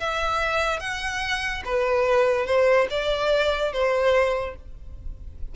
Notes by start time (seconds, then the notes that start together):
0.00 E5
0.80 F#5
1.65 B4
2.46 C5
2.90 D5
3.73 C5